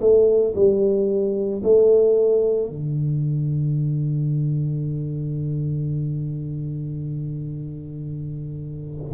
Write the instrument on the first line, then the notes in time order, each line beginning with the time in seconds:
tuba
0.00 A3
0.55 G3
1.63 A3
2.69 D3